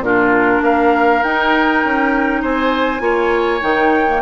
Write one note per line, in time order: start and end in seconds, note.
0.00 0.60 A#2
0.00 1.24 D4
0.00 0.62 F4
0.00 0.64 A#4
0.61 1.22 A#3
0.61 2.42 A#4
0.61 1.23 F5
1.23 1.84 D#4
1.23 3.00 D#4
1.23 2.43 G5
1.84 2.44 C#4
2.42 3.00 C4
2.42 3.02 C5
2.42 3.63 G#5
3.00 3.60 A#3
3.00 3.60 F4
3.00 4.21 C#5
3.61 4.21 D#3
3.61 4.06 D#4
3.61 4.21 G5
4.08 4.21 A#3